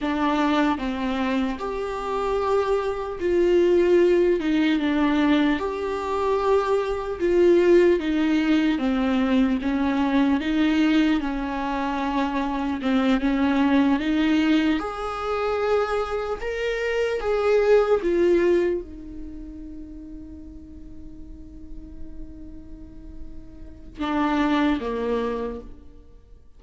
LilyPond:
\new Staff \with { instrumentName = "viola" } { \time 4/4 \tempo 4 = 75 d'4 c'4 g'2 | f'4. dis'8 d'4 g'4~ | g'4 f'4 dis'4 c'4 | cis'4 dis'4 cis'2 |
c'8 cis'4 dis'4 gis'4.~ | gis'8 ais'4 gis'4 f'4 dis'8~ | dis'1~ | dis'2 d'4 ais4 | }